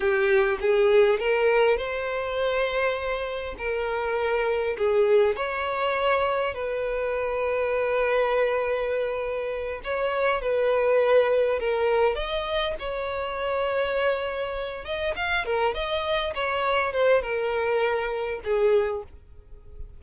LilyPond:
\new Staff \with { instrumentName = "violin" } { \time 4/4 \tempo 4 = 101 g'4 gis'4 ais'4 c''4~ | c''2 ais'2 | gis'4 cis''2 b'4~ | b'1~ |
b'8 cis''4 b'2 ais'8~ | ais'8 dis''4 cis''2~ cis''8~ | cis''4 dis''8 f''8 ais'8 dis''4 cis''8~ | cis''8 c''8 ais'2 gis'4 | }